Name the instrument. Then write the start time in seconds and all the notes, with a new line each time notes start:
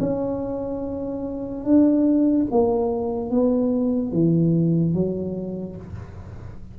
tuba
0.00 C#4
1.64 D4
2.51 A#3
3.30 B3
4.12 E3
4.94 F#3